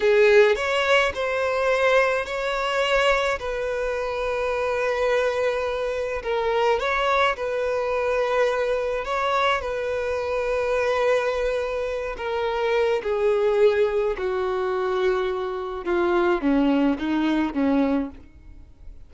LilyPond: \new Staff \with { instrumentName = "violin" } { \time 4/4 \tempo 4 = 106 gis'4 cis''4 c''2 | cis''2 b'2~ | b'2. ais'4 | cis''4 b'2. |
cis''4 b'2.~ | b'4. ais'4. gis'4~ | gis'4 fis'2. | f'4 cis'4 dis'4 cis'4 | }